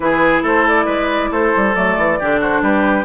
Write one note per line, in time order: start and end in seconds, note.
0.00 0.42 E3
0.00 1.73 E4
0.00 0.42 G#4
0.00 0.42 B4
0.42 0.86 A3
0.42 0.85 A4
0.42 0.67 C5
0.68 1.32 D5
0.85 1.30 G#3
0.85 1.29 B4
1.31 1.53 A3
1.31 2.19 A4
1.31 1.75 C5
1.56 1.75 G3
1.74 1.97 F#3
1.74 2.18 A3
1.74 2.41 D5
1.97 2.19 E3
2.19 2.61 D3
2.19 3.04 D4
2.19 2.39 G4
2.39 2.61 F#4
2.39 2.62 C5
2.61 3.04 G3
2.61 3.04 G4
2.61 3.04 B4